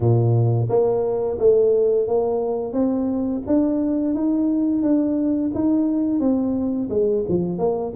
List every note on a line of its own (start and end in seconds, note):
0.00 0.68 A#2
0.69 1.38 A#3
1.39 2.07 A3
2.07 2.72 A#3
2.72 3.41 C4
3.46 4.14 D4
4.14 4.82 D#4
4.82 5.51 D4
5.54 6.19 D#4
6.19 6.88 C4
6.89 7.24 G#3
7.28 7.58 F3
7.58 7.92 A#3